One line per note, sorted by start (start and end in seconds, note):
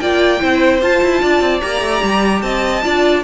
0.00 0.41 A#3
0.00 0.40 F4
0.00 0.41 D5
0.00 0.81 G5
0.40 0.82 C4
0.40 0.80 E4
0.40 1.22 C5
0.82 1.02 F4
0.82 1.61 F4
0.82 1.62 A5
1.03 1.23 E4
1.22 1.41 D4
1.22 2.43 D5
1.41 1.61 C4
1.61 1.81 A#3
1.61 2.83 G4
1.61 2.42 A#5
1.81 2.01 A3
2.03 2.43 G3
2.42 2.83 C4
2.42 2.84 D#5
2.42 3.23 A5
2.83 3.24 D4
2.83 3.24 F4
2.83 3.24 D5